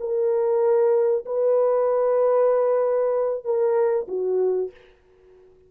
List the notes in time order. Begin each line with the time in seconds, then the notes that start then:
0.00 A#4
1.26 B4
3.45 A#4
4.08 F#4